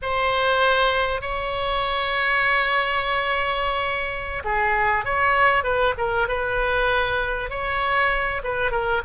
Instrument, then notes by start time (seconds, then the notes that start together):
oboe
0.02 C5
1.21 C#5
4.44 G#4
5.04 C#5
5.63 B4
5.97 A#4
6.28 B4
7.50 C#5
8.43 B4
8.71 A#4